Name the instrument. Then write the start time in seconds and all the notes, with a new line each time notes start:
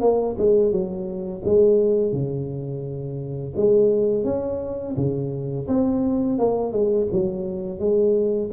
tuba
0.00 A#3
0.38 G#3
0.71 F#3
1.44 G#3
2.12 C#3
3.56 G#3
4.24 C#4
4.96 C#3
5.68 C4
6.38 A#3
6.72 G#3
7.12 F#3
7.79 G#3